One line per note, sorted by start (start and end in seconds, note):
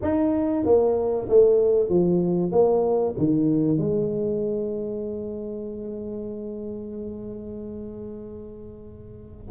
0.01 0.65 D#4
0.65 1.28 A#3
1.28 1.89 A3
1.89 2.51 F3
2.51 3.14 A#3
3.18 3.78 D#3
3.78 9.46 G#3